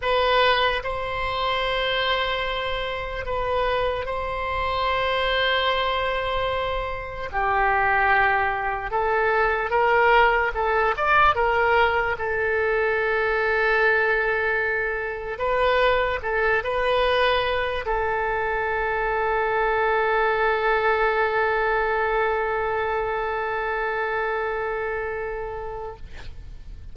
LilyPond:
\new Staff \with { instrumentName = "oboe" } { \time 4/4 \tempo 4 = 74 b'4 c''2. | b'4 c''2.~ | c''4 g'2 a'4 | ais'4 a'8 d''8 ais'4 a'4~ |
a'2. b'4 | a'8 b'4. a'2~ | a'1~ | a'1 | }